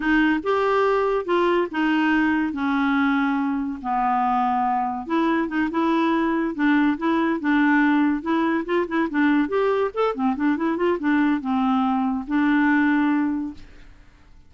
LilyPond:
\new Staff \with { instrumentName = "clarinet" } { \time 4/4 \tempo 4 = 142 dis'4 g'2 f'4 | dis'2 cis'2~ | cis'4 b2. | e'4 dis'8 e'2 d'8~ |
d'8 e'4 d'2 e'8~ | e'8 f'8 e'8 d'4 g'4 a'8 | c'8 d'8 e'8 f'8 d'4 c'4~ | c'4 d'2. | }